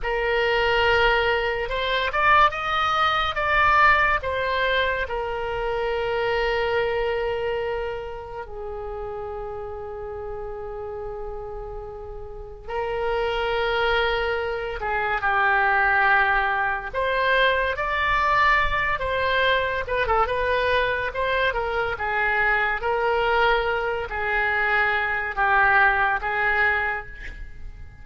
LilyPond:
\new Staff \with { instrumentName = "oboe" } { \time 4/4 \tempo 4 = 71 ais'2 c''8 d''8 dis''4 | d''4 c''4 ais'2~ | ais'2 gis'2~ | gis'2. ais'4~ |
ais'4. gis'8 g'2 | c''4 d''4. c''4 b'16 a'16 | b'4 c''8 ais'8 gis'4 ais'4~ | ais'8 gis'4. g'4 gis'4 | }